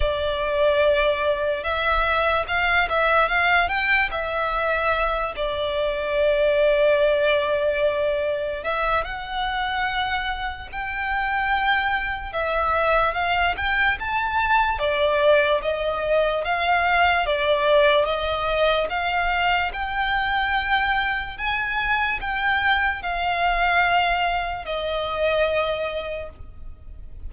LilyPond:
\new Staff \with { instrumentName = "violin" } { \time 4/4 \tempo 4 = 73 d''2 e''4 f''8 e''8 | f''8 g''8 e''4. d''4.~ | d''2~ d''8 e''8 fis''4~ | fis''4 g''2 e''4 |
f''8 g''8 a''4 d''4 dis''4 | f''4 d''4 dis''4 f''4 | g''2 gis''4 g''4 | f''2 dis''2 | }